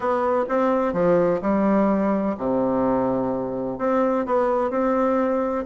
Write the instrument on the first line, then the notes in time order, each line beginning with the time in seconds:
bassoon
0.00 B3
0.48 C4
0.93 F3
1.41 G3
2.37 C3
3.78 C4
4.26 B3
4.70 C4